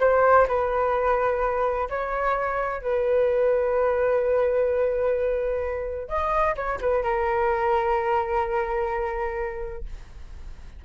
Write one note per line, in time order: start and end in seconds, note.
0.00 0.47 C5
0.48 1.89 B4
1.90 2.82 C#5
2.82 6.09 B4
6.09 6.55 D#5
6.56 6.79 C#5
6.81 7.04 B4
7.04 9.85 A#4